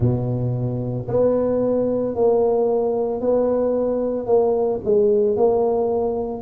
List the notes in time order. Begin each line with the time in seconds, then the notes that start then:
0.00 B2
1.08 B3
2.15 A#3
3.20 B3
4.26 A#3
4.84 G#3
5.36 A#3